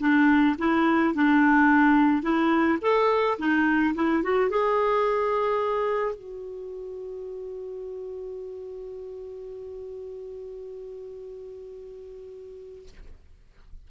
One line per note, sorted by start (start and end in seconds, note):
0.00 0.56 D4
0.59 1.14 E4
1.14 2.23 D4
2.23 2.79 E4
2.82 3.38 A4
3.38 3.95 D#4
3.95 4.23 E4
4.23 4.50 F#4
4.50 6.15 G#4
6.15 12.88 F#4